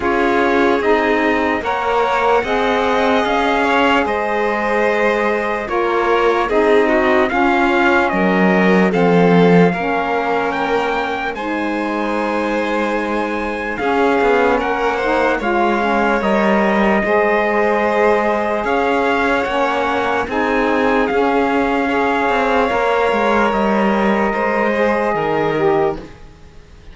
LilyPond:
<<
  \new Staff \with { instrumentName = "trumpet" } { \time 4/4 \tempo 4 = 74 cis''4 dis''4 fis''2 | f''4 dis''2 cis''4 | dis''4 f''4 dis''4 f''4~ | f''4 g''4 gis''2~ |
gis''4 f''4 fis''4 f''4 | dis''2. f''4 | fis''4 gis''4 f''2~ | f''4 dis''2. | }
  \new Staff \with { instrumentName = "violin" } { \time 4/4 gis'2 cis''4 dis''4~ | dis''8 cis''8 c''2 ais'4 | gis'8 fis'8 f'4 ais'4 a'4 | ais'2 c''2~ |
c''4 gis'4 ais'8 c''8 cis''4~ | cis''4 c''2 cis''4~ | cis''4 gis'2 cis''4~ | cis''2 c''4 ais'4 | }
  \new Staff \with { instrumentName = "saxophone" } { \time 4/4 f'4 dis'4 ais'4 gis'4~ | gis'2. f'4 | dis'4 cis'2 c'4 | cis'2 dis'2~ |
dis'4 cis'4. dis'8 f'8 cis'8 | ais'4 gis'2. | cis'4 dis'4 cis'4 gis'4 | ais'2~ ais'8 gis'4 g'8 | }
  \new Staff \with { instrumentName = "cello" } { \time 4/4 cis'4 c'4 ais4 c'4 | cis'4 gis2 ais4 | c'4 cis'4 fis4 f4 | ais2 gis2~ |
gis4 cis'8 b8 ais4 gis4 | g4 gis2 cis'4 | ais4 c'4 cis'4. c'8 | ais8 gis8 g4 gis4 dis4 | }
>>